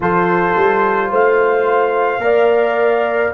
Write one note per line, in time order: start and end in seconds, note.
0.00 0.55 F3
0.00 2.20 F4
0.00 1.10 A4
0.00 1.12 C5
0.56 1.11 G3
1.10 2.18 A3
1.10 2.21 C5
1.10 3.33 F5
2.18 3.29 A#3
2.18 3.31 A#4
2.18 3.33 D5